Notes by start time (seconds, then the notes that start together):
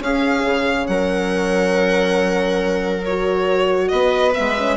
0.00 C#4 G#4 F5
0.45 C#3
0.87 F#3 A#4 F#5
3.05 F#4 C#5
3.89 B3 B4 D#5
4.34 G#3 B3 E5
4.59 C#4